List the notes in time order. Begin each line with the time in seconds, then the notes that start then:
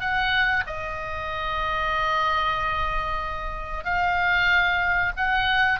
0.00 F#5
0.66 D#5
3.84 F5
5.16 F#5